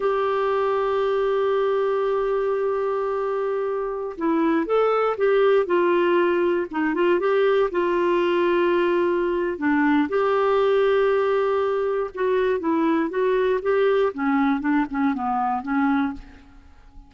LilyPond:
\new Staff \with { instrumentName = "clarinet" } { \time 4/4 \tempo 4 = 119 g'1~ | g'1~ | g'16 e'4 a'4 g'4 f'8.~ | f'4~ f'16 dis'8 f'8 g'4 f'8.~ |
f'2. d'4 | g'1 | fis'4 e'4 fis'4 g'4 | cis'4 d'8 cis'8 b4 cis'4 | }